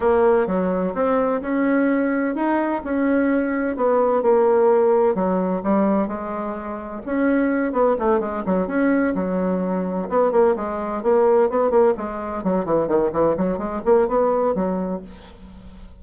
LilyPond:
\new Staff \with { instrumentName = "bassoon" } { \time 4/4 \tempo 4 = 128 ais4 fis4 c'4 cis'4~ | cis'4 dis'4 cis'2 | b4 ais2 fis4 | g4 gis2 cis'4~ |
cis'8 b8 a8 gis8 fis8 cis'4 fis8~ | fis4. b8 ais8 gis4 ais8~ | ais8 b8 ais8 gis4 fis8 e8 dis8 | e8 fis8 gis8 ais8 b4 fis4 | }